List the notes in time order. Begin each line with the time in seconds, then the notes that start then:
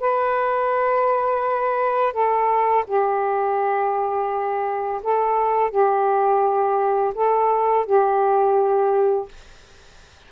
0.00 B4
2.13 A4
2.87 G4
5.03 A4
5.70 G4
7.15 A4
7.85 G4